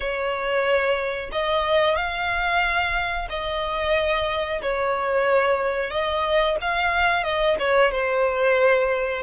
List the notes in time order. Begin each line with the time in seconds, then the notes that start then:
0.00 C#5
1.32 D#5
1.95 F5
3.29 D#5
4.62 C#5
5.90 D#5
6.61 F5
7.23 D#5
7.59 C#5
7.91 C5